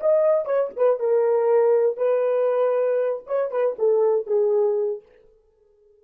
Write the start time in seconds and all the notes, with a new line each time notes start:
0.00 D#5
0.45 C#5
0.76 B4
0.99 A#4
1.97 B4
3.27 C#5
3.51 B4
3.78 A4
4.26 G#4